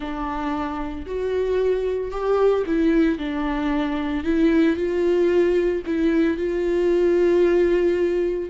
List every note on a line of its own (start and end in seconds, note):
0.00 1.05 D4
1.05 2.11 F#4
2.11 2.64 G4
2.66 3.18 E4
3.18 4.24 D4
4.24 4.76 E4
4.76 5.82 F4
5.86 6.37 E4
6.37 8.49 F4